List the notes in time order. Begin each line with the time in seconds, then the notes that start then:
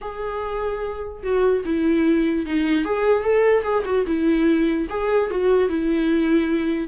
0.01 G#4
1.23 F#4
1.64 E4
2.46 D#4
2.84 G#4
3.23 A4
3.63 G#4
3.85 F#4
4.06 E4
4.89 G#4
5.30 F#4
5.69 E4